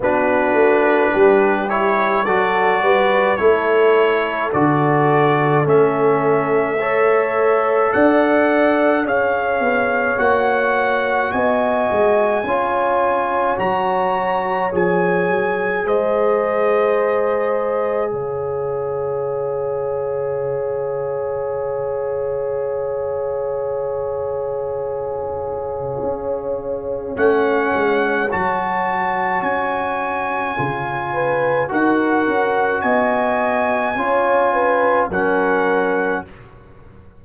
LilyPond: <<
  \new Staff \with { instrumentName = "trumpet" } { \time 4/4 \tempo 4 = 53 b'4. cis''8 d''4 cis''4 | d''4 e''2 fis''4 | f''4 fis''4 gis''2 | ais''4 gis''4 dis''2 |
f''1~ | f''1 | fis''4 a''4 gis''2 | fis''4 gis''2 fis''4 | }
  \new Staff \with { instrumentName = "horn" } { \time 4/4 fis'4 g'4 a'8 b'8 a'4~ | a'2 cis''4 d''4 | cis''2 dis''4 cis''4~ | cis''2 c''2 |
cis''1~ | cis''1~ | cis''2.~ cis''8 b'8 | ais'4 dis''4 cis''8 b'8 ais'4 | }
  \new Staff \with { instrumentName = "trombone" } { \time 4/4 d'4. e'8 fis'4 e'4 | fis'4 cis'4 a'2 | gis'4 fis'2 f'4 | fis'4 gis'2.~ |
gis'1~ | gis'1 | cis'4 fis'2 f'4 | fis'2 f'4 cis'4 | }
  \new Staff \with { instrumentName = "tuba" } { \time 4/4 b8 a8 g4 fis8 g8 a4 | d4 a2 d'4 | cis'8 b8 ais4 b8 gis8 cis'4 | fis4 f8 fis8 gis2 |
cis1~ | cis2. cis'4 | a8 gis8 fis4 cis'4 cis4 | dis'8 cis'8 b4 cis'4 fis4 | }
>>